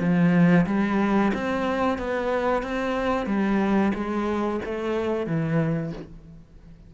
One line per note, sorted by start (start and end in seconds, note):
0.00 0.66 F3
0.67 1.32 G3
1.34 1.98 C4
1.98 2.63 B3
2.63 3.26 C4
3.26 3.92 G3
3.94 4.60 G#3
4.65 5.27 A3
5.27 5.93 E3